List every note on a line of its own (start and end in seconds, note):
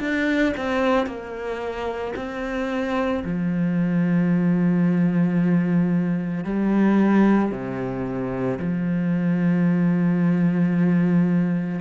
0.00 0.54 D4
0.57 1.07 C4
1.07 2.14 A#3
2.16 3.23 C4
3.25 6.45 F3
6.45 7.52 G3
7.52 8.59 C3
8.60 11.81 F3